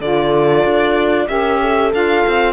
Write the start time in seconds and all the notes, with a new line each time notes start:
0.00 D3 F4 A4 D5
0.64 D4
1.27 C#4 G4 A#4 E5
1.60 A4
1.92 D4 F4 F5
2.27 C4